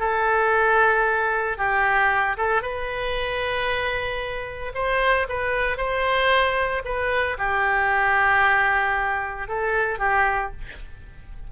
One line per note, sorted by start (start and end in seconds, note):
0.00 1.58 A4
1.58 2.37 G4
2.38 2.62 A4
2.62 4.73 B4
4.75 5.28 C5
5.29 5.78 B4
5.78 6.83 C5
6.85 7.38 B4
7.39 9.49 G4
9.49 9.99 A4
9.99 10.52 G4